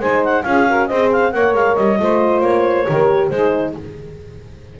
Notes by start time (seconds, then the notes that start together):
0.00 G#3 D#4 C5 G#5
0.24 F#5
0.43 C#4 F4 G#4 F5
0.68 F#4 A#4
0.87 C4 G#4 C5 D#5
1.12 F5
1.32 A#3 A#4 C#5 F#5
1.54 G#3 F5
1.76 G3 D#5
1.99 A3 F4 C5
2.41 A#3 C#5
2.88 D#3 G4 A#4
3.29 G#3 G#4 C5
3.35 D#4